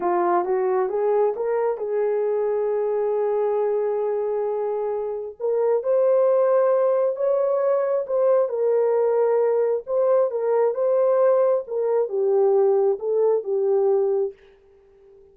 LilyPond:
\new Staff \with { instrumentName = "horn" } { \time 4/4 \tempo 4 = 134 f'4 fis'4 gis'4 ais'4 | gis'1~ | gis'1 | ais'4 c''2. |
cis''2 c''4 ais'4~ | ais'2 c''4 ais'4 | c''2 ais'4 g'4~ | g'4 a'4 g'2 | }